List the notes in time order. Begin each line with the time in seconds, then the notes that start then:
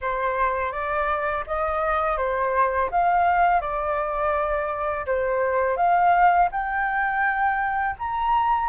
0.01 C5
0.72 D5
1.47 D#5
2.17 C5
2.91 F5
3.60 D5
5.05 C5
5.76 F5
6.51 G5
7.98 A#5